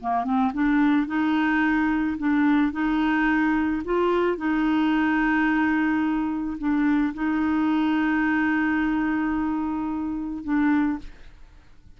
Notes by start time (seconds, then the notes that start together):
0.00 A#3
0.24 C4
0.53 D4
1.07 D#4
2.18 D4
2.72 D#4
3.84 F4
4.37 D#4
6.58 D4
7.14 D#4
10.44 D4